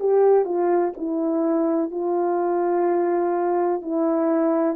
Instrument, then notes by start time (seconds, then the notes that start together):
horn
0.00 G4
0.45 F4
0.97 E4
1.91 F4
3.82 E4